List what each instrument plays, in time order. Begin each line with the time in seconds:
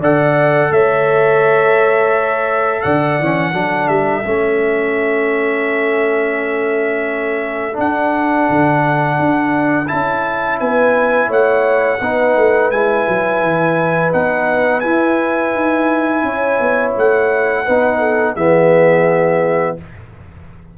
0.00 tuba D3, trombone A4, horn D5, trumpet F#5
0.70 tuba A3, horn C#5, trumpet E5
2.83 tuba D3, horn D5, trumpet F#5
3.19 tuba E3, trombone C#4
3.51 tuba F#3, trombone D4, horn A4
3.88 tuba G3, trumpet E5
4.24 tuba A3, trombone C#4
7.74 trombone D4, tuba D4
7.80 trumpet F#5
8.50 tuba D3
9.19 tuba D4
9.87 tuba C#4, trombone E4, trumpet A5
10.60 tuba B3, horn B4, trumpet G#5
11.28 tuba A3, horn C#5, trumpet F#5
12.01 tuba B3, trombone D#4, horn B4
12.37 tuba A3
12.71 tuba G#3, trombone E4, trumpet G#5
13.08 tuba F#3
13.42 tuba E3
14.12 tuba B3, trombone D#4, trumpet F#5
14.80 trombone E4, tuba E4, trumpet G#5
15.54 tuba D#4
16.23 tuba C#4, horn C#5
16.60 tuba B3
16.97 tuba A3, trumpet F#5
17.65 tuba B3, trombone D#4, horn B4
17.99 horn A4
18.35 tuba E3, trombone B3, horn G#4, trumpet E5